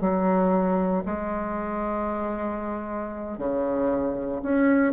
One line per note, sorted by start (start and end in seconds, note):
0.00 1.03 F#3
1.05 3.38 G#3
3.38 4.41 C#3
4.42 4.93 C#4